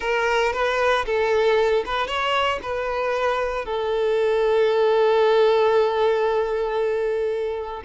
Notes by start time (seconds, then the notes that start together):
0.00 A#4
0.52 B4
1.05 A4
1.85 B4
2.07 C#5
2.62 B4
3.65 A4